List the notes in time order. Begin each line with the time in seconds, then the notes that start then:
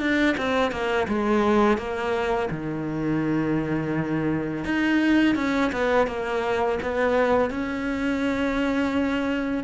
0.00 D4
0.37 C4
0.71 A#3
1.07 G#3
1.77 A#3
2.50 D#3
4.65 D#4
5.35 C#4
5.72 B3
6.07 A#3
6.82 B3
7.50 C#4